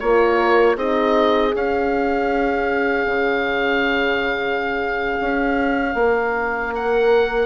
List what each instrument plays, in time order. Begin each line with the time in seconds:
0.00 bassoon A#3, horn F4 A#4, oboe C#5
0.76 bassoon C4, horn D#4 G#4, oboe D#5
1.53 horn C#4, bassoon C#4, oboe F5
3.06 bassoon C#3
5.21 bassoon C#4
5.95 bassoon A#3, horn A#4
6.75 oboe F#5